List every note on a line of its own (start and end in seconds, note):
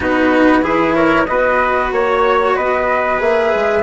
0.00 0.62 B3
0.00 0.62 D#4
0.00 0.63 F#4
0.00 0.95 B4
0.62 1.26 E3
0.62 1.26 E4
0.62 0.95 G#4
0.95 1.27 A#4
0.95 1.25 C#5
1.25 1.92 B3
1.25 3.18 F#4
1.25 1.92 B4
1.25 1.89 D#5
1.92 2.56 A#3
1.92 2.56 C#5
2.56 3.20 B3
2.56 3.82 B4
2.56 3.20 D#5
3.18 3.52 A#3
3.18 3.82 G#4
3.18 3.82 E5
3.54 3.82 G#3